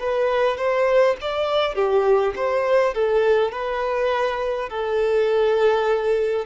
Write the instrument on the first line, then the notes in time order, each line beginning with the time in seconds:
violin
0.00 B4
0.58 C5
1.21 D5
1.75 G4
2.36 C5
2.94 A4
3.52 B4
4.70 A4